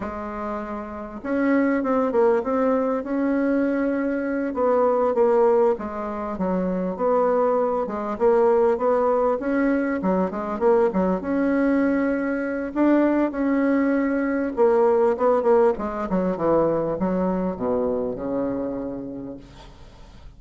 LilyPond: \new Staff \with { instrumentName = "bassoon" } { \time 4/4 \tempo 4 = 99 gis2 cis'4 c'8 ais8 | c'4 cis'2~ cis'8 b8~ | b8 ais4 gis4 fis4 b8~ | b4 gis8 ais4 b4 cis'8~ |
cis'8 fis8 gis8 ais8 fis8 cis'4.~ | cis'4 d'4 cis'2 | ais4 b8 ais8 gis8 fis8 e4 | fis4 b,4 cis2 | }